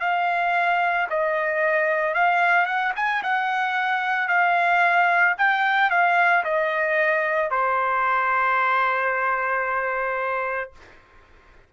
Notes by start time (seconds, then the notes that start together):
0.00 F5
1.10 D#5
2.14 F5
2.66 F#5
2.96 G#5
3.23 F#5
4.28 F5
5.38 G5
5.90 F5
6.44 D#5
7.50 C5